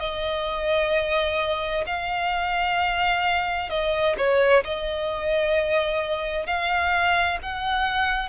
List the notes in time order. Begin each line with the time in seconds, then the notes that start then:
0.00 D#5
1.87 F5
3.70 D#5
4.17 C#5
4.65 D#5
6.47 F5
7.43 F#5